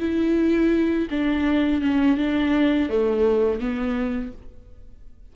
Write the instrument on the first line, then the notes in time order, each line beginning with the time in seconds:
viola
0.00 E4
1.11 D4
1.82 C#4
2.18 D4
2.90 A3
3.60 B3